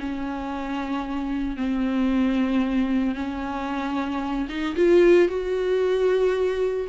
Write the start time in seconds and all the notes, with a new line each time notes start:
0.00 C#4
1.57 C4
3.15 C#4
4.49 D#4
4.76 F4
5.28 F#4